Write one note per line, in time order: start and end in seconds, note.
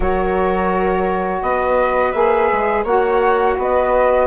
0.00 1.42 F#3
0.00 2.13 F#4
0.00 1.41 A#4
0.00 1.42 C#5
1.42 2.13 B3
1.42 2.83 B4
1.42 2.12 D#5
2.12 2.49 A#3
2.12 2.85 G#4
2.12 2.83 E5
2.52 2.84 G#3
2.83 3.56 A#3
2.83 4.26 F#4
2.83 3.55 C#5
2.83 3.57 F#5
3.58 4.26 B3
3.58 4.26 B4
3.58 4.26 D#5